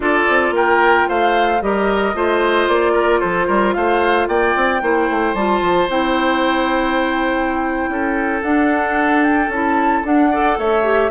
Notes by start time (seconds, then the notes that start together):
0.00 D4 F4 A4 D5
0.28 C4
0.50 A#3 A#4 G5
1.08 A3 C5 F5
1.61 G3 G4 A#4 D#5
2.14 A3 F4 C5
2.68 A#3 D5
2.93 A#4
3.20 F3 A4 C5
3.47 G3 A#4
3.73 A3 C5 F5
4.28 A#3 D5 G5
4.55 C4
4.81 A#3 E4 C5
5.09 A3
5.34 G3 F4 A5
5.61 F3
5.88 C4 E4 G5
7.88 C#4 A4
8.42 D4 F#5
9.23 G5
9.48 C#4 E4 A5
10.04 D4 F#5
10.30 A4 D5
10.57 A3 C#5 E5
10.83 G4